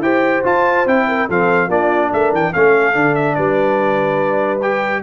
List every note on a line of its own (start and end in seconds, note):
0.00 0.42 E4
0.00 0.45 G4
0.00 1.07 C5
0.00 0.44 G5
0.45 0.86 F4
0.45 0.88 A5
0.86 1.28 C4
0.86 1.29 E4
0.86 1.30 G5
1.08 1.28 A#4
1.28 1.69 F3
1.28 1.70 C4
1.28 1.68 A4
1.28 1.71 F5
1.68 2.10 A#3
1.68 2.53 D4
1.68 2.10 F4
1.68 2.12 D5
2.12 2.33 A3
2.12 2.53 A#4
2.12 2.34 E5
2.33 2.54 E3
2.33 2.54 G5
2.54 2.95 A3
2.54 2.94 C#4
2.54 3.36 A4
2.54 3.15 F5
2.94 3.37 D3
2.94 4.61 D4
3.15 3.35 E5
3.35 5.03 G3
3.35 5.03 B4
3.35 4.60 D5
4.62 5.03 G4
4.62 5.03 G5